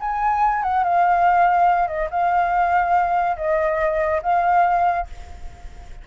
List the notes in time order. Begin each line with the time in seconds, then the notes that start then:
0.00 G#5
0.63 F#5
0.84 F5
1.88 D#5
2.10 F5
3.37 D#5
4.23 F5